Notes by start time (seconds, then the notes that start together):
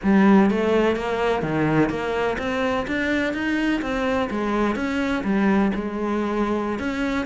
0.03 G3
0.50 A3
0.95 A#3
1.42 D#3
1.89 A#3
2.38 C4
2.87 D4
3.33 D#4
3.81 C4
4.30 G#3
4.75 C#4
5.24 G3
5.74 G#3
6.79 C#4